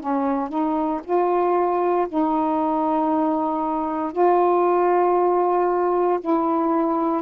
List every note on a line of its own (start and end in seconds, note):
0.00 0.49 C#4
0.49 1.01 D#4
1.04 2.07 F4
2.09 4.13 D#4
4.13 6.20 F4
6.21 7.22 E4